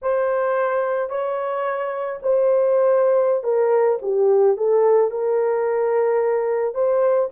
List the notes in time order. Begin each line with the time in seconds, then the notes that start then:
0.02 C5
1.09 C#5
2.22 C5
3.43 A#4
4.02 G4
4.56 A4
5.10 A#4
6.74 C5